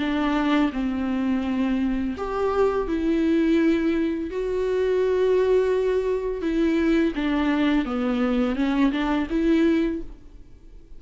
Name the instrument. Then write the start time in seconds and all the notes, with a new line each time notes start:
viola
0.00 D4
0.73 C4
2.18 G4
2.88 E4
4.31 F#4
6.42 E4
7.16 D4
7.86 B3
8.56 C#4
8.92 D4
9.31 E4